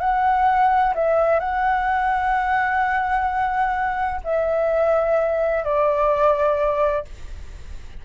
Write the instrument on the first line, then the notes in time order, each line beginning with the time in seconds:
flute
0.00 F#5
0.95 E5
1.39 F#5
4.24 E5
5.64 D5